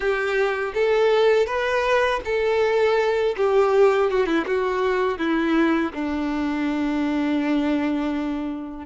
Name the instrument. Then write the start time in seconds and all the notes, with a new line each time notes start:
violin
0.00 G4
0.74 A4
1.46 B4
2.24 A4
3.36 G4
4.10 F#4
4.26 E4
4.46 F#4
5.18 E4
5.93 D4